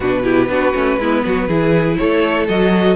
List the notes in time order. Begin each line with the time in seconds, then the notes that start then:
0.00 B2 D4 F#4 B4
0.23 E4 G4
0.48 B3 D4 F#4
0.74 A3 C#4
0.98 G#3 B3 E4
1.25 F#3 F#4
1.47 E3 E4 G#4
1.96 A3 A4 C#5
2.48 F#3 F#4 D#5